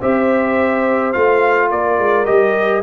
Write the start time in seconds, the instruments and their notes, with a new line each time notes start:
0.00 tuba C4, trombone G4, horn C5, trumpet E5
1.13 tuba A3, trombone F4, trumpet F5
1.71 tuba A#3, horn A#4, trumpet D5
1.99 tuba G#3
2.26 tuba G3, trombone G4, trumpet D#5